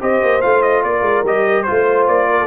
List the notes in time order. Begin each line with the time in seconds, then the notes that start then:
0.00 C4 G4 C5 D#5
0.22 A#3
0.41 A3 F4 F5
0.62 D#5
0.83 A#3 A#4 D5
1.01 G#3
1.23 G3 G4 D#5
1.63 F4 C5
1.70 A3
2.08 A#3 D5
2.30 A#4
2.39 A4